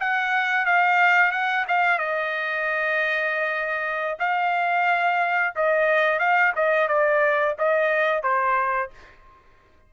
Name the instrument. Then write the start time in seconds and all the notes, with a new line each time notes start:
trumpet
0.00 F#5
0.66 F5
1.31 F#5
1.68 F5
1.99 D#5
4.19 F5
5.56 D#5
6.19 F5
6.56 D#5
6.88 D5
7.58 D#5
8.23 C5